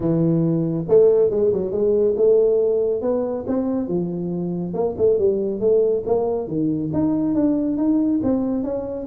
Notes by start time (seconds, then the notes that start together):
0.00 E3
0.88 A3
1.30 G#3
1.52 F#3
1.71 G#3
2.17 A3
3.01 B3
3.47 C4
3.87 F3
4.73 A#3
4.97 A3
5.18 G3
5.60 A3
6.05 A#3
6.47 D#3
6.93 D#4
7.34 D4
7.77 D#4
8.23 C4
8.63 C#4